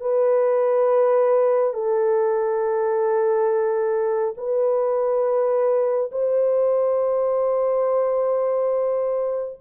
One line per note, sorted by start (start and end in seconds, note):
0.00 1.74 B4
1.74 4.35 A4
4.37 6.11 B4
6.11 9.59 C5